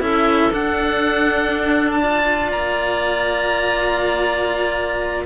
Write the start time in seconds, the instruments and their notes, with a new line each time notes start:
0.00 cello C#4 E4, clarinet A4, oboe E5
0.52 cello D4, oboe F#5
1.91 oboe A5
2.00 cello F4, clarinet D5
2.51 cello A#3, oboe A#5